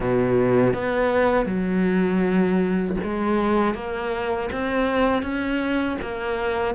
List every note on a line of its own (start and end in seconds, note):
0.00 0.73 B2
0.73 1.46 B3
1.46 2.96 F#3
3.03 3.74 G#3
3.74 4.49 A#3
4.52 5.22 C4
5.22 5.97 C#4
6.01 6.74 A#3